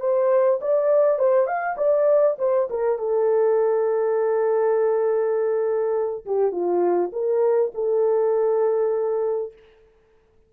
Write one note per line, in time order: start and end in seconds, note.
0.00 0.59 C5
0.61 1.19 D5
1.19 1.47 C5
1.47 1.76 F5
1.77 2.37 D5
2.38 2.68 C5
2.70 2.98 A#4
2.98 6.25 A4
6.25 6.51 G4
6.51 7.11 F4
7.12 7.72 A#4
7.74 9.53 A4